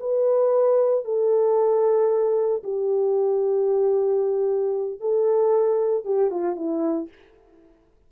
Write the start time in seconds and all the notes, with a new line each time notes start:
0.00 B4
1.05 A4
2.64 G4
5.00 A4
6.05 G4
6.31 F4
6.56 E4